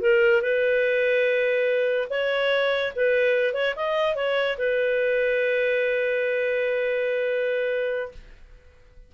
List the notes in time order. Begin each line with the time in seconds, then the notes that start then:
0.00 A#4
0.42 B4
2.10 C#5
2.96 B4
3.54 C#5
3.76 D#5
4.15 C#5
4.58 B4